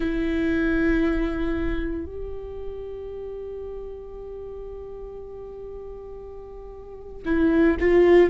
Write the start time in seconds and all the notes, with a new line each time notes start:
0.00 E4
2.05 G4
7.25 E4
7.80 F4